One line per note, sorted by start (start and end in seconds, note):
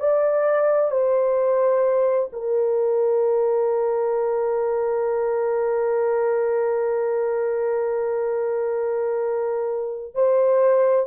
0.00 0.91 D5
0.91 2.30 C5
2.33 10.15 A#4
10.15 11.07 C5